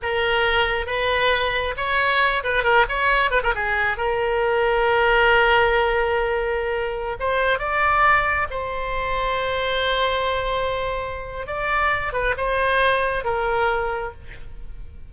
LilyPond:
\new Staff \with { instrumentName = "oboe" } { \time 4/4 \tempo 4 = 136 ais'2 b'2 | cis''4. b'8 ais'8 cis''4 b'16 ais'16 | gis'4 ais'2.~ | ais'1~ |
ais'16 c''4 d''2 c''8.~ | c''1~ | c''2 d''4. b'8 | c''2 ais'2 | }